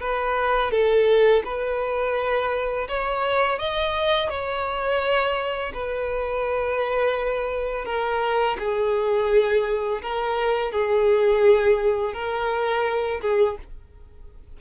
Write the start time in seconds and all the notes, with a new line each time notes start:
0.00 B4
0.71 A4
1.44 B4
2.88 C#5
3.58 D#5
4.29 C#5
5.73 B4
7.85 A#4
8.58 G#4
10.02 A#4
10.71 G#4
12.13 A#4
13.21 G#4